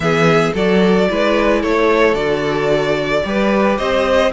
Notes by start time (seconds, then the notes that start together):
0.00 E3 B3 G#4 E5
0.53 F#3 F#4 A4 D5
1.09 G#3 E4 B4
1.61 A3 A4 C#5
2.13 D3 F#4 D5
3.24 G3 G4 B4
3.77 C4 C5 D#5